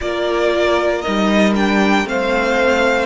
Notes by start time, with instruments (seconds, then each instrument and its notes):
0.00 cello A#3, viola F4, violin A#4 D5
1.01 cello G3, viola D#4, violin D#5
1.55 viola D4, violin G5
2.05 cello A3, viola C4, violin C5 F5